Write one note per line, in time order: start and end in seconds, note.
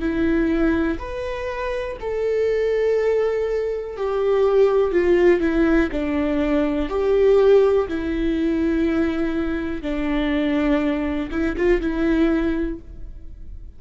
0.00 0.98 E4
0.99 1.97 B4
2.01 3.97 A4
3.97 4.92 G4
4.92 5.41 F4
5.41 5.90 E4
5.92 6.89 D4
6.89 7.88 G4
7.88 9.82 E4
9.82 11.30 D4
11.32 11.56 E4
11.57 11.81 F4
11.81 12.80 E4